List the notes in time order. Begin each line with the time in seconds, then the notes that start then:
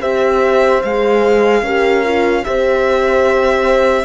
0.00 C4 G4 C5 E5
0.83 G#3 G#4 F5
1.62 C#4 G4 A#4
2.04 F4
2.44 C4 G4 C5 E5